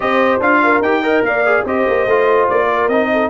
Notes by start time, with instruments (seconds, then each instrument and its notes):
0.00 tuba C4, trombone G4, horn C5, trumpet D#5
0.39 tuba D4, trombone F4, trumpet F5
0.63 horn A#4
0.81 tuba D#4, trombone G4, trumpet G5
1.02 trombone A#4, horn D#5
1.22 tuba A#3, horn D5, trumpet F5
1.45 trombone G#4
1.64 tuba C4, trombone G4, horn C5, trumpet D#5
1.87 tuba A#3
2.06 tuba A3, trombone F4
2.49 tuba A#3, trumpet D5
2.68 horn A#4
2.88 tuba C4, trombone D#4, trumpet D#5
3.12 horn A4